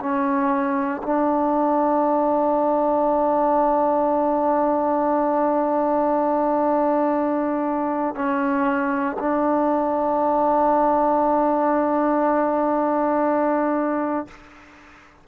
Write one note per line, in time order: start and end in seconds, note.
0.00 1.02 C#4
1.03 8.15 D4
8.15 9.17 C#4
9.19 14.27 D4